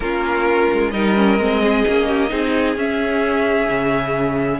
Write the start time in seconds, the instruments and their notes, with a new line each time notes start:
0.00 cello A#3, viola C#4, violin F4 A#4
0.72 cello G#3
0.90 cello G3, viola D#4, violin A#4 D#5
1.15 viola C#4
1.38 cello G#3, viola C4
1.62 violin G#4
1.87 cello A#3, viola C#4
2.08 violin G4
2.28 cello C4, viola D#4, violin G#4
2.75 cello C#4, viola C#4, violin E5
3.69 cello C#3